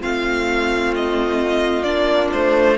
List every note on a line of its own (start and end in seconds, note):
0.00 1.84 A3
0.00 1.85 C4
0.00 2.77 F4
0.00 0.94 F5
0.95 1.83 D#5
1.83 2.30 A#3
1.83 2.77 D4
1.83 2.29 D5
2.33 2.77 A3
2.33 2.77 C5